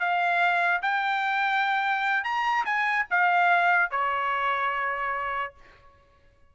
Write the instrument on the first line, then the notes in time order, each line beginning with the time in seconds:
trumpet
0.00 F5
0.83 G5
2.24 A#5
2.66 G#5
3.11 F5
3.91 C#5